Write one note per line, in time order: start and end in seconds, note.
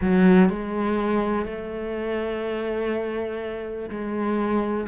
0.01 0.49 F#3
0.49 1.45 G#3
1.45 3.89 A3
3.89 4.87 G#3